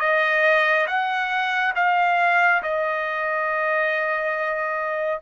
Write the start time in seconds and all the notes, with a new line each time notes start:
0.00 D#5
0.87 F#5
1.76 F5
2.63 D#5